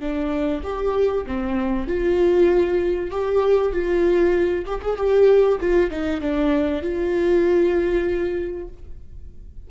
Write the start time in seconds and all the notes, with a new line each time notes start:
0.00 D4
0.63 G4
1.26 C4
1.88 F4
3.11 G4
3.72 F4
4.65 G4
4.81 G#4
4.97 G4
5.60 F4
5.90 D#4
6.21 D4
6.82 F4